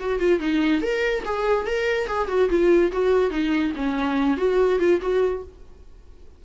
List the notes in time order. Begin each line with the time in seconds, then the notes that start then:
0.00 F#4
0.20 F4
0.40 D#4
0.82 A#4
1.25 G#4
1.66 A#4
2.08 G#4
2.28 F#4
2.50 F4
2.92 F#4
3.31 D#4
3.76 C#4
4.38 F#4
4.80 F4
5.01 F#4